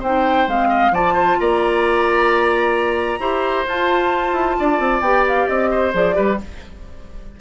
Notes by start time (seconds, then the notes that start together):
0.00 C4 D#4 C5 G5
0.48 G#3 C4 F5
0.69 D#5
0.91 F3 F4 D5 A5
1.14 C5
1.40 A#3 D5 A#5
3.19 E4 G4 C5
3.67 F4 A5
4.33 E4
4.60 D4 D5
4.79 C4
5.01 B3 G4 G5
5.28 F5
5.48 C4 D#5
5.71 C5
5.93 F3 G#4 D5
6.14 G3 G4 B4